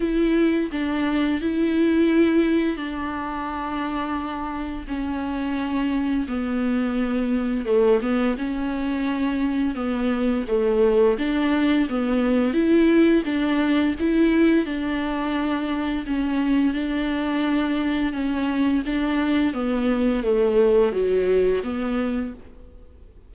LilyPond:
\new Staff \with { instrumentName = "viola" } { \time 4/4 \tempo 4 = 86 e'4 d'4 e'2 | d'2. cis'4~ | cis'4 b2 a8 b8 | cis'2 b4 a4 |
d'4 b4 e'4 d'4 | e'4 d'2 cis'4 | d'2 cis'4 d'4 | b4 a4 fis4 b4 | }